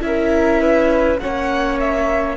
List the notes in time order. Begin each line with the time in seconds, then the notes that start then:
0.00 C#4 E4 E5
0.06 A#4
0.60 B4
1.19 A#3 C#4 C#5 F#5
1.80 E5